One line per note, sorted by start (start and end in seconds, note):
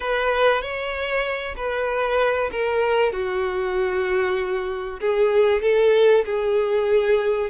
0.00 0.61 B4
0.61 1.55 C#5
1.56 2.50 B4
2.51 3.12 A#4
3.12 5.00 F#4
5.00 5.62 G#4
5.62 6.24 A4
6.25 7.50 G#4